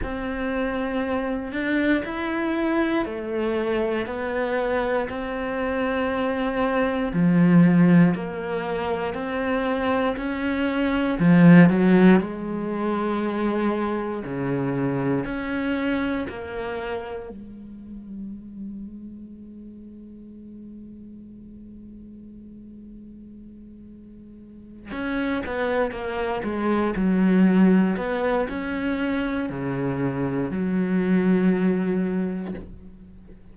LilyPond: \new Staff \with { instrumentName = "cello" } { \time 4/4 \tempo 4 = 59 c'4. d'8 e'4 a4 | b4 c'2 f4 | ais4 c'4 cis'4 f8 fis8 | gis2 cis4 cis'4 |
ais4 gis2.~ | gis1~ | gis8 cis'8 b8 ais8 gis8 fis4 b8 | cis'4 cis4 fis2 | }